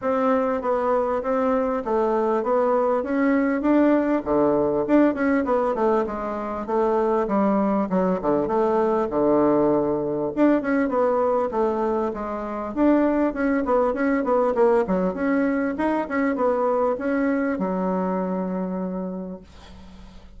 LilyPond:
\new Staff \with { instrumentName = "bassoon" } { \time 4/4 \tempo 4 = 99 c'4 b4 c'4 a4 | b4 cis'4 d'4 d4 | d'8 cis'8 b8 a8 gis4 a4 | g4 fis8 d8 a4 d4~ |
d4 d'8 cis'8 b4 a4 | gis4 d'4 cis'8 b8 cis'8 b8 | ais8 fis8 cis'4 dis'8 cis'8 b4 | cis'4 fis2. | }